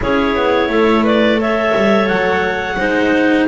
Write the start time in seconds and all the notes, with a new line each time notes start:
0.00 C#4 E4 G#4 C#5
0.35 B3
0.68 A3 A4
1.04 B4 D5
1.36 A4 C#5 E5
1.75 G3
2.07 F#3 F#5
2.77 G#3 D#4 C5